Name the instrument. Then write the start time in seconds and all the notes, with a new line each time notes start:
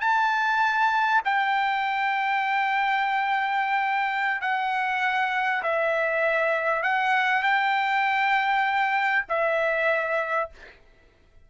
trumpet
0.00 A5
1.25 G5
4.41 F#5
5.63 E5
6.82 F#5
7.43 G5
9.29 E5